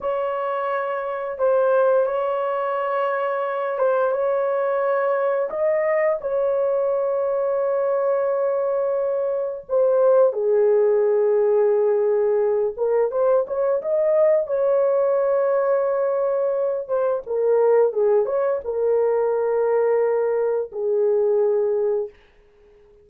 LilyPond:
\new Staff \with { instrumentName = "horn" } { \time 4/4 \tempo 4 = 87 cis''2 c''4 cis''4~ | cis''4. c''8 cis''2 | dis''4 cis''2.~ | cis''2 c''4 gis'4~ |
gis'2~ gis'8 ais'8 c''8 cis''8 | dis''4 cis''2.~ | cis''8 c''8 ais'4 gis'8 cis''8 ais'4~ | ais'2 gis'2 | }